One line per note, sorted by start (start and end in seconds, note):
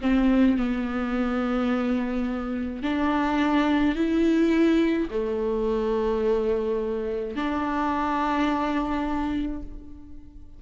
0.00 0.57 C4
0.57 2.83 B3
2.83 3.95 D4
3.95 5.08 E4
5.10 7.35 A3
7.35 9.62 D4